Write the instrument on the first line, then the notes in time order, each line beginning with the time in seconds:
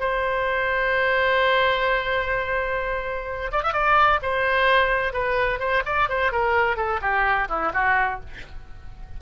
oboe
0.00 C5
3.52 D5
3.63 E5
3.73 D5
4.23 C5
5.13 B4
5.60 C5
5.86 D5
6.09 C5
6.32 A#4
6.77 A4
7.02 G4
7.49 E4
7.74 F#4